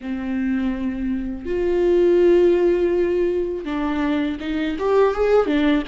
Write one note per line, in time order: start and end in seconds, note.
0.00 1.45 C4
1.45 3.65 F4
3.65 4.38 D4
4.40 4.76 D#4
4.78 5.14 G4
5.14 5.46 G#4
5.46 5.82 D4